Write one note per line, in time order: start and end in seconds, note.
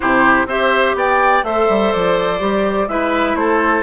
0.00 0.46 C3
0.00 0.48 E4
0.00 0.46 G4
0.00 0.48 C5
0.46 0.94 C4
0.46 1.44 G4
0.46 0.96 C5
0.46 0.96 E5
0.94 1.42 B3
0.94 1.45 D5
0.94 1.44 G5
1.43 1.67 A3
1.43 2.39 A4
1.43 2.89 C5
1.43 1.92 E5
1.68 1.92 G3
1.92 2.40 F3
1.92 2.88 D5
2.39 2.88 G3
2.39 2.87 G4
2.88 3.34 G#3
2.88 3.83 E4
2.88 3.37 B4
2.88 3.35 E5
3.34 3.82 A3
3.34 3.83 A4
3.34 3.83 C5